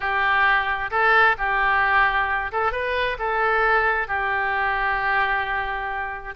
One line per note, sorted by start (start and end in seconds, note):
0.00 0.90 G4
0.90 1.36 A4
1.38 2.51 G4
2.51 2.71 A4
2.71 3.17 B4
3.19 4.07 A4
4.07 6.35 G4